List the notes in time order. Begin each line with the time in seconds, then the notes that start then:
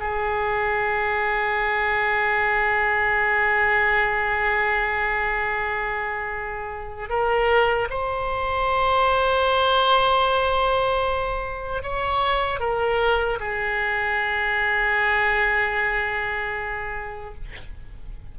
0.00 G#4
7.10 A#4
7.91 C5
11.83 C#5
12.60 A#4
13.40 G#4